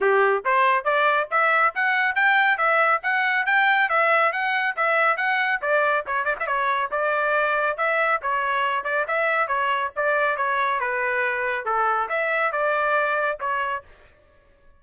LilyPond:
\new Staff \with { instrumentName = "trumpet" } { \time 4/4 \tempo 4 = 139 g'4 c''4 d''4 e''4 | fis''4 g''4 e''4 fis''4 | g''4 e''4 fis''4 e''4 | fis''4 d''4 cis''8 d''16 e''16 cis''4 |
d''2 e''4 cis''4~ | cis''8 d''8 e''4 cis''4 d''4 | cis''4 b'2 a'4 | e''4 d''2 cis''4 | }